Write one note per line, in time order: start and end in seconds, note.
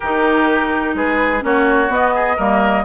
0.00 0.94 D#3
0.00 1.40 D#4
0.00 0.95 G4
0.00 0.94 A#4
0.94 1.42 G#3
0.94 1.44 G#4
0.94 1.43 B4
1.40 1.89 A#3
1.40 1.88 C#4
1.40 2.14 F#4
1.40 1.91 C#5
1.88 2.36 B3
1.88 2.37 B3
1.88 2.84 D#5
2.14 2.36 G#4
2.36 2.84 G3
2.36 2.84 A#3
2.36 2.83 A#4